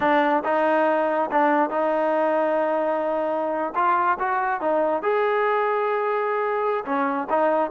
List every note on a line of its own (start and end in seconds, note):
0.00 0.43 D4
0.44 1.30 D#4
1.31 1.70 D4
1.70 3.73 D#4
3.75 4.17 F4
4.19 4.61 F#4
4.61 5.02 D#4
5.02 6.84 G#4
6.85 7.28 C#4
7.29 7.70 D#4